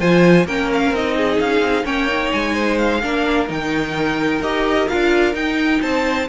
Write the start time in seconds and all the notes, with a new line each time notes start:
0.00 F3 F4 C5 G#5
0.45 A#3 C#4 A#4 G5
0.74 F5
0.92 C4 D#4 D#5
1.17 G#4
1.40 C#4 F5
1.60 C4
1.85 A#3 C#4 C#5 G5
2.08 D#4
2.32 G#3 G#5
2.55 C5
2.78 F5
3.03 A#3 D4 A#4
3.48 D#3 D#4 G5
4.40 D#4 G4 D#5
4.88 D4 F4 F5
5.34 D#4 G5
5.82 C4 C5 A5